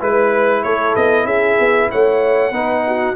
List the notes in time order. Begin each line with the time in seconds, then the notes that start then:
0.00 G#3 E4 B4
0.64 A3 A4 C#5
0.96 B3 D#5
1.25 C#4 G#4 E5
1.59 B3
1.91 A3 C#5 F#5
2.52 B3 D#4 B4
2.88 F#4